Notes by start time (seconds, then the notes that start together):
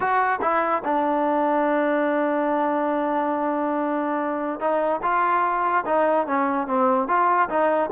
0.00 F#4
0.41 E4
0.84 D4
4.59 D#4
5.02 F4
5.85 D#4
6.26 C#4
6.67 C4
7.07 F4
7.49 D#4